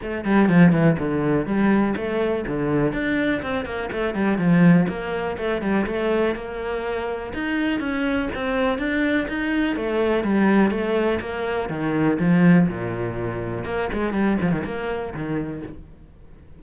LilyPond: \new Staff \with { instrumentName = "cello" } { \time 4/4 \tempo 4 = 123 a8 g8 f8 e8 d4 g4 | a4 d4 d'4 c'8 ais8 | a8 g8 f4 ais4 a8 g8 | a4 ais2 dis'4 |
cis'4 c'4 d'4 dis'4 | a4 g4 a4 ais4 | dis4 f4 ais,2 | ais8 gis8 g8 f16 dis16 ais4 dis4 | }